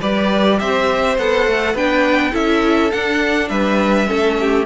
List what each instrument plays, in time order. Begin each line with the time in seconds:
0.00 cello G3, viola G4, violin B4 D5
0.59 cello C4, violin C5 E5
1.18 cello B3, viola A4, violin F#5
1.47 cello A3
1.73 cello B3, viola D4, violin B4 G5
2.32 cello C#4, viola E4, violin A4 E5
2.92 cello D4, viola D4, violin F#5
3.49 cello G3, violin B4 E5
4.07 cello A3, viola C#4, violin A4
4.40 violin G4